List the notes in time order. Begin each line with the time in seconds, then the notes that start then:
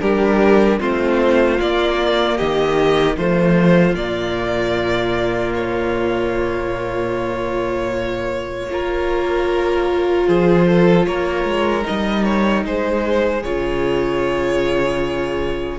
0.00 G3 D4 G4 A#4
0.79 A3 C4 F4 C5
1.57 A#3 D5
2.37 D#3 G4 D#5
3.16 F3 A3 F4 C5
3.94 A#2 A#3 D5
5.54 C#5
8.68 A#3 F4 A#4
10.27 F3 G#4 C5
10.66 A4
11.04 A#3 A#4 C#5
11.44 G#3
11.81 D#4 D#5
11.89 G3
12.24 C#5
12.64 G#3 G#4 C5
13.42 C#3 F4 C#5